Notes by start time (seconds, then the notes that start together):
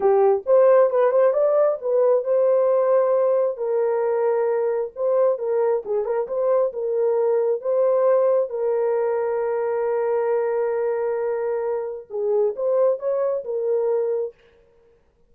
0.00 G4
0.46 C5
0.90 B4
1.11 C5
1.33 D5
1.81 B4
2.24 C5
3.57 A#4
4.95 C5
5.38 A#4
5.85 G#4
6.04 A#4
6.27 C5
6.72 A#4
7.61 C5
8.49 A#4
12.10 G#4
12.55 C5
12.99 C#5
13.44 A#4